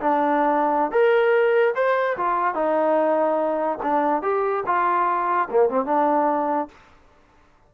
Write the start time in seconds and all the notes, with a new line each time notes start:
0.00 D4
0.91 A#4
1.75 C5
2.17 F4
2.54 D#4
3.82 D4
4.22 G4
4.66 F4
5.50 A#3
5.69 C4
5.85 D4